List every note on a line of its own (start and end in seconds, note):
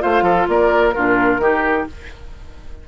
0.00 0.22 A3
0.00 0.93 F4
0.00 0.23 C5
0.00 0.48 F5
0.22 0.45 F3
0.22 0.46 A4
0.49 0.95 A#3
0.49 0.94 A#4
0.49 0.91 D5
0.91 1.41 D4
0.91 1.41 F4
0.91 1.84 A#4
0.98 1.39 A#2
1.39 1.85 D#3
1.39 1.87 D#4
1.39 1.88 G4